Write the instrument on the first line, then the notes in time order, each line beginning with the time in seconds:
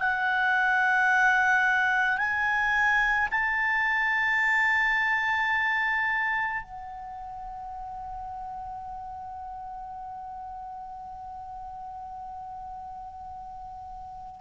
clarinet
0.00 F#5
2.18 G#5
3.31 A5
6.63 F#5